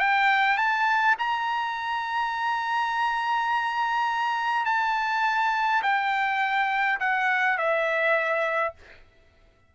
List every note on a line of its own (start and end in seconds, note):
0.00 0.57 G5
0.57 1.16 A5
1.19 4.66 A#5
4.66 5.83 A5
5.83 6.99 G5
7.00 7.58 F#5
7.58 8.75 E5